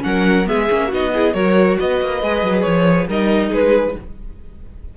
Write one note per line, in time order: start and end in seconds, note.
0.00 0.48 F#3
0.00 0.43 C#4
0.00 0.49 A#4
0.00 0.47 F#5
0.46 0.70 G#3
0.46 0.67 B3
0.46 0.88 G#4
0.46 0.91 E5
0.70 0.92 A#3
0.70 0.91 C#4
0.88 1.34 B3
0.88 1.14 D#4
0.88 1.10 F#4
0.88 1.34 D#5
1.14 1.34 E4
1.14 1.34 G#4
1.34 1.77 F#3
1.34 2.21 F#4
1.34 1.78 A#4
1.34 1.77 C#5
1.79 2.01 B3
1.79 3.08 B4
1.79 2.62 D#5
2.01 2.22 A#3
2.22 2.42 G#3
2.22 3.09 G#4
2.42 2.64 F#3
2.62 3.07 F3
2.62 3.06 C#5
3.07 3.51 G3
3.07 3.96 D#4
3.07 3.49 A#4
3.07 3.54 D#5
3.49 3.95 G#3
3.49 3.93 G#4
3.49 3.97 B4